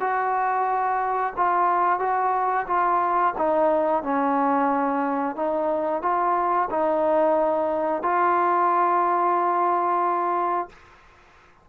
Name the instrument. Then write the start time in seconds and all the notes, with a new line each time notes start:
trombone
0.00 F#4
1.36 F4
1.99 F#4
2.67 F4
3.37 D#4
4.03 C#4
5.35 D#4
6.02 F4
6.70 D#4
8.02 F4